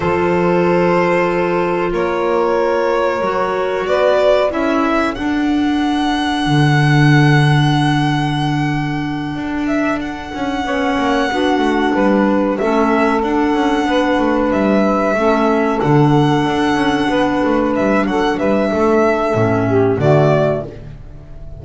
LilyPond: <<
  \new Staff \with { instrumentName = "violin" } { \time 4/4 \tempo 4 = 93 c''2. cis''4~ | cis''2 d''4 e''4 | fis''1~ | fis''2. e''8 fis''8~ |
fis''2.~ fis''8 e''8~ | e''8 fis''2 e''4.~ | e''8 fis''2. e''8 | fis''8 e''2~ e''8 d''4 | }
  \new Staff \with { instrumentName = "saxophone" } { \time 4/4 a'2. ais'4~ | ais'2 b'4 a'4~ | a'1~ | a'1~ |
a'8 cis''4 fis'4 b'4 a'8~ | a'4. b'2 a'8~ | a'2~ a'8 b'4. | a'8 b'8 a'4. g'8 fis'4 | }
  \new Staff \with { instrumentName = "clarinet" } { \time 4/4 f'1~ | f'4 fis'2 e'4 | d'1~ | d'1~ |
d'8 cis'4 d'2 cis'8~ | cis'8 d'2. cis'8~ | cis'8 d'2.~ d'8~ | d'2 cis'4 a4 | }
  \new Staff \with { instrumentName = "double bass" } { \time 4/4 f2. ais4~ | ais4 fis4 b4 cis'4 | d'2 d2~ | d2~ d8 d'4. |
cis'8 b8 ais8 b8 a8 g4 a8~ | a8 d'8 cis'8 b8 a8 g4 a8~ | a8 d4 d'8 cis'8 b8 a8 g8 | fis8 g8 a4 a,4 d4 | }
>>